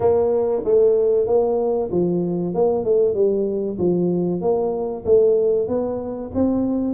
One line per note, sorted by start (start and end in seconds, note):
0.00 0.62 A#3
0.64 1.26 A3
1.26 1.89 A#3
1.91 2.54 F3
2.54 2.84 A#3
2.84 3.14 A3
3.14 3.77 G3
3.78 4.41 F3
4.41 5.04 A#3
5.05 5.68 A3
5.68 6.31 B3
6.34 6.94 C4